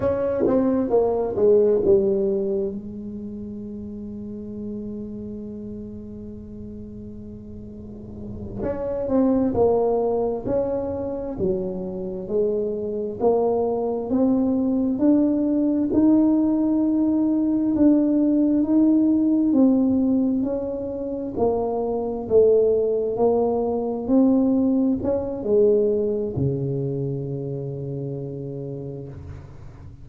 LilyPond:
\new Staff \with { instrumentName = "tuba" } { \time 4/4 \tempo 4 = 66 cis'8 c'8 ais8 gis8 g4 gis4~ | gis1~ | gis4. cis'8 c'8 ais4 cis'8~ | cis'8 fis4 gis4 ais4 c'8~ |
c'8 d'4 dis'2 d'8~ | d'8 dis'4 c'4 cis'4 ais8~ | ais8 a4 ais4 c'4 cis'8 | gis4 cis2. | }